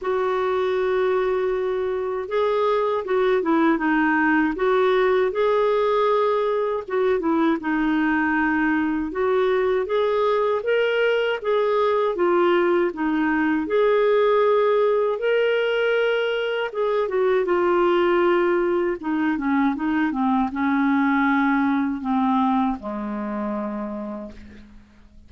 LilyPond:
\new Staff \with { instrumentName = "clarinet" } { \time 4/4 \tempo 4 = 79 fis'2. gis'4 | fis'8 e'8 dis'4 fis'4 gis'4~ | gis'4 fis'8 e'8 dis'2 | fis'4 gis'4 ais'4 gis'4 |
f'4 dis'4 gis'2 | ais'2 gis'8 fis'8 f'4~ | f'4 dis'8 cis'8 dis'8 c'8 cis'4~ | cis'4 c'4 gis2 | }